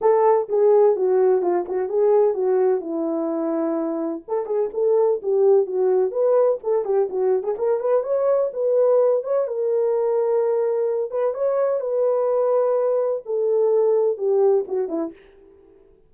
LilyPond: \new Staff \with { instrumentName = "horn" } { \time 4/4 \tempo 4 = 127 a'4 gis'4 fis'4 f'8 fis'8 | gis'4 fis'4 e'2~ | e'4 a'8 gis'8 a'4 g'4 | fis'4 b'4 a'8 g'8 fis'8. gis'16 |
ais'8 b'8 cis''4 b'4. cis''8 | ais'2.~ ais'8 b'8 | cis''4 b'2. | a'2 g'4 fis'8 e'8 | }